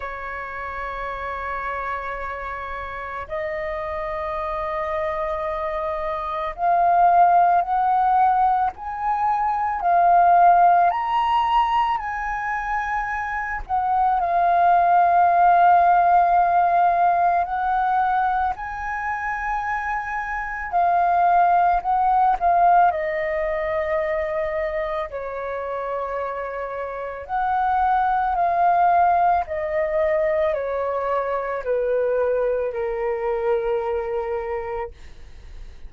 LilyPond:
\new Staff \with { instrumentName = "flute" } { \time 4/4 \tempo 4 = 55 cis''2. dis''4~ | dis''2 f''4 fis''4 | gis''4 f''4 ais''4 gis''4~ | gis''8 fis''8 f''2. |
fis''4 gis''2 f''4 | fis''8 f''8 dis''2 cis''4~ | cis''4 fis''4 f''4 dis''4 | cis''4 b'4 ais'2 | }